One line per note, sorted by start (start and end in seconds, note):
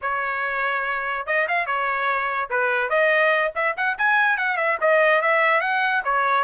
0.01 1.26 C#5
1.26 1.47 D#5
1.48 1.66 F5
1.66 2.49 C#5
2.49 2.89 B4
2.89 3.52 D#5
3.55 3.76 E5
3.77 3.97 F#5
3.98 4.37 G#5
4.37 4.57 F#5
4.57 4.77 E5
4.80 5.21 D#5
5.21 5.60 E5
5.60 6.02 F#5
6.04 6.44 C#5